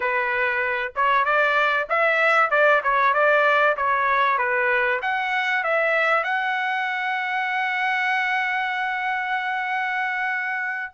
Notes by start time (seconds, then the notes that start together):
0.00 B4
0.95 C#5
1.24 D5
1.89 E5
2.50 D5
2.83 C#5
3.13 D5
3.77 C#5
4.38 B4
5.02 F#5
5.63 E5
6.23 F#5